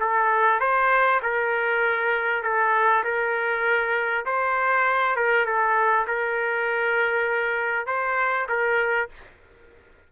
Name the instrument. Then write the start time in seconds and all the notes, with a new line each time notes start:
trumpet
0.00 A4
0.60 C5
1.22 A#4
2.43 A4
3.04 A#4
4.25 C5
5.16 A#4
5.45 A4
6.07 A#4
7.86 C5
8.48 A#4